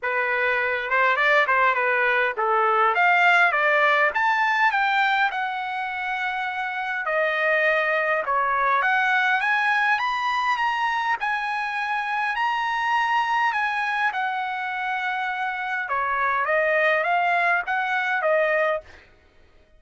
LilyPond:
\new Staff \with { instrumentName = "trumpet" } { \time 4/4 \tempo 4 = 102 b'4. c''8 d''8 c''8 b'4 | a'4 f''4 d''4 a''4 | g''4 fis''2. | dis''2 cis''4 fis''4 |
gis''4 b''4 ais''4 gis''4~ | gis''4 ais''2 gis''4 | fis''2. cis''4 | dis''4 f''4 fis''4 dis''4 | }